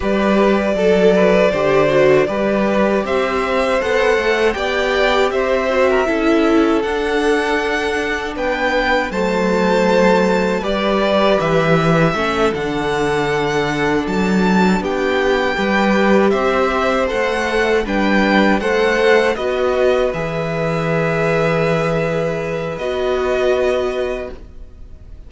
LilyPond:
<<
  \new Staff \with { instrumentName = "violin" } { \time 4/4 \tempo 4 = 79 d''1 | e''4 fis''4 g''4 e''4~ | e''4 fis''2 g''4 | a''2 d''4 e''4~ |
e''8 fis''2 a''4 g''8~ | g''4. e''4 fis''4 g''8~ | g''8 fis''4 dis''4 e''4.~ | e''2 dis''2 | }
  \new Staff \with { instrumentName = "violin" } { \time 4/4 b'4 a'8 b'8 c''4 b'4 | c''2 d''4 c''8. ais'16 | a'2. b'4 | c''2 b'2 |
a'2.~ a'8 g'8~ | g'8 b'4 c''2 b'8~ | b'8 c''4 b'2~ b'8~ | b'1 | }
  \new Staff \with { instrumentName = "viola" } { \time 4/4 g'4 a'4 g'8 fis'8 g'4~ | g'4 a'4 g'4. fis'8 | e'4 d'2. | a2 g'2 |
cis'8 d'2.~ d'8~ | d'8 g'2 a'4 d'8~ | d'8 a'4 fis'4 gis'4.~ | gis'2 fis'2 | }
  \new Staff \with { instrumentName = "cello" } { \time 4/4 g4 fis4 d4 g4 | c'4 b8 a8 b4 c'4 | cis'4 d'2 b4 | fis2 g4 e4 |
a8 d2 fis4 b8~ | b8 g4 c'4 a4 g8~ | g8 a4 b4 e4.~ | e2 b2 | }
>>